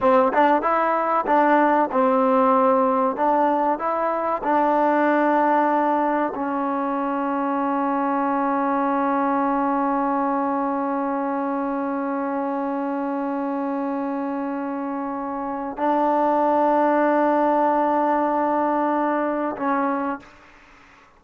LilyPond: \new Staff \with { instrumentName = "trombone" } { \time 4/4 \tempo 4 = 95 c'8 d'8 e'4 d'4 c'4~ | c'4 d'4 e'4 d'4~ | d'2 cis'2~ | cis'1~ |
cis'1~ | cis'1~ | cis'4 d'2.~ | d'2. cis'4 | }